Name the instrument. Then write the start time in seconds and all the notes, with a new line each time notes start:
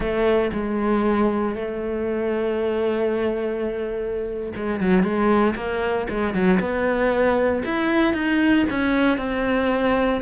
cello
0.00 A3
0.52 G#3
1.55 A3
4.56 G#3
4.80 F#3
5.03 G#3
5.55 A#3
6.09 G#3
6.33 F#3
6.59 B3
7.64 E4
8.13 D#4
8.70 C#4
9.17 C4